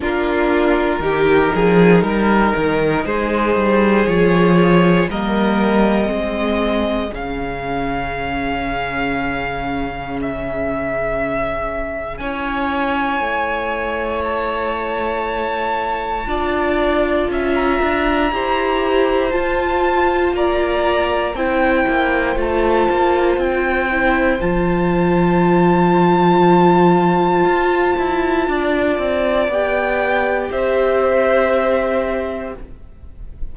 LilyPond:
<<
  \new Staff \with { instrumentName = "violin" } { \time 4/4 \tempo 4 = 59 ais'2. c''4 | cis''4 dis''2 f''4~ | f''2 e''2 | gis''2 a''2~ |
a''4~ a''16 ais''4.~ ais''16 a''4 | ais''4 g''4 a''4 g''4 | a''1~ | a''4 g''4 e''2 | }
  \new Staff \with { instrumentName = "violin" } { \time 4/4 f'4 g'8 gis'8 ais'4 gis'4~ | gis'4 ais'4 gis'2~ | gis'1 | cis''1 |
d''4 e''4 c''2 | d''4 c''2.~ | c''1 | d''2 c''2 | }
  \new Staff \with { instrumentName = "viola" } { \time 4/4 d'4 dis'2. | f'4 ais4 c'4 cis'4~ | cis'1 | e'1 |
f'2 g'4 f'4~ | f'4 e'4 f'4. e'8 | f'1~ | f'4 g'2. | }
  \new Staff \with { instrumentName = "cello" } { \time 4/4 ais4 dis8 f8 g8 dis8 gis8 g8 | f4 g4 gis4 cis4~ | cis1 | cis'4 a2. |
d'4 cis'8 d'8 e'4 f'4 | ais4 c'8 ais8 a8 ais8 c'4 | f2. f'8 e'8 | d'8 c'8 b4 c'2 | }
>>